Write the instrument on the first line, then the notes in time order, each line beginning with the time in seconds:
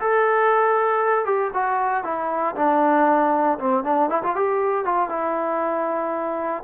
trombone
0.00 A4
1.25 G4
1.53 F#4
2.04 E4
2.56 D4
3.59 C4
3.84 D4
4.10 E4
4.23 F4
4.36 G4
4.85 F4
5.09 E4